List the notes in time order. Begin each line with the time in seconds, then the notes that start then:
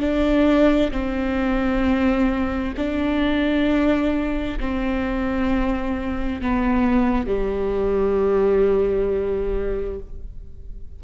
0.00 D4
0.91 C4
2.77 D4
4.60 C4
6.41 B3
7.26 G3